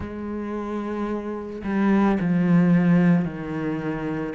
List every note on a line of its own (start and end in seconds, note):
0.00 1.62 G#3
1.64 2.18 G3
2.20 3.24 F3
3.24 4.33 D#3